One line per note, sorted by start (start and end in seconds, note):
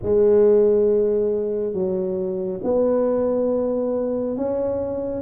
0.02 1.73 G#3
1.73 2.60 F#3
2.63 4.36 B3
4.36 5.21 C#4